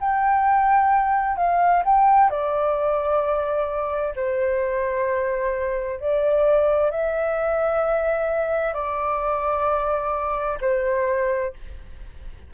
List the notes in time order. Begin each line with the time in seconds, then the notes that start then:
0.00 G5
1.37 F5
1.85 G5
2.30 D5
4.16 C5
6.00 D5
6.91 E5
8.74 D5
10.61 C5